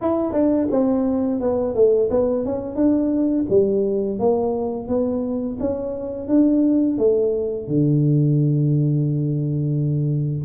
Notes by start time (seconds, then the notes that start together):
0.01 E4
0.32 D4
0.70 C4
1.40 B3
1.74 A3
2.10 B3
2.45 C#4
2.75 D4
3.49 G3
4.19 A#3
4.88 B3
5.60 C#4
6.28 D4
6.98 A3
7.67 D3